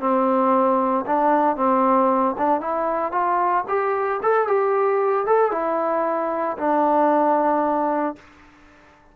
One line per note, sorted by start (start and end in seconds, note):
0.00 1.05 C4
1.07 1.56 D4
1.56 2.35 C4
2.38 2.61 D4
2.61 3.12 E4
3.12 3.64 F4
3.68 4.21 G4
4.23 4.48 A4
4.48 5.26 G4
5.26 5.52 A4
5.52 6.57 E4
6.58 8.16 D4